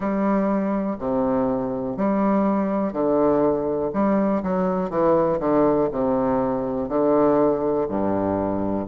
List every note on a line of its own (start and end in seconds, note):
0.00 0.97 G3
0.98 1.97 C3
1.97 2.92 G3
2.92 3.91 D3
3.93 4.42 G3
4.43 4.90 F#3
4.90 5.39 E3
5.39 5.88 D3
5.91 6.89 C3
6.89 7.87 D3
7.88 8.87 G2